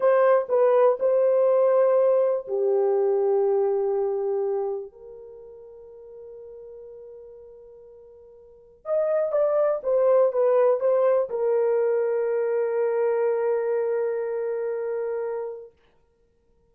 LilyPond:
\new Staff \with { instrumentName = "horn" } { \time 4/4 \tempo 4 = 122 c''4 b'4 c''2~ | c''4 g'2.~ | g'2 ais'2~ | ais'1~ |
ais'2 dis''4 d''4 | c''4 b'4 c''4 ais'4~ | ais'1~ | ais'1 | }